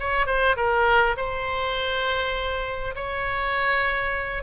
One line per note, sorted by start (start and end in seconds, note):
0.00 0.27 C#5
0.27 0.56 C5
0.57 1.16 A#4
1.17 2.95 C5
2.96 4.43 C#5